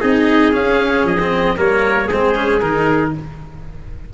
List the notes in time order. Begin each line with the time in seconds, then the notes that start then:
0.00 C4 D#4 G#4 D#5
0.52 C#4 F5
1.04 F3 D#5
1.19 C4
1.57 G3 A#3 A#4 C#5
2.07 G#3 G#4 C5
2.13 C4
2.35 C#4
2.60 D#3 D#4 A#4